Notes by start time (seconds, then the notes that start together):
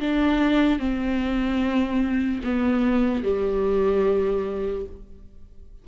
0.00 D4
0.79 C4
2.44 B3
3.24 G3